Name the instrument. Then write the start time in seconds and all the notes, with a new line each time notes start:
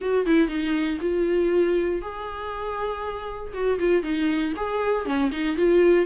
viola
0.01 F#4
0.25 E4
0.48 D#4
1.00 F4
2.01 G#4
3.53 F#4
3.79 F4
4.02 D#4
4.56 G#4
5.05 C#4
5.31 D#4
5.56 F4